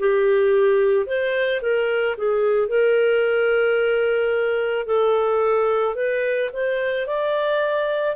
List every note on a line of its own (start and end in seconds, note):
0.00 1.07 G4
1.07 1.61 C5
1.62 2.16 A#4
2.18 2.69 G#4
2.69 4.86 A#4
4.86 5.96 A4
5.96 6.50 B4
6.53 7.07 C5
7.07 8.16 D5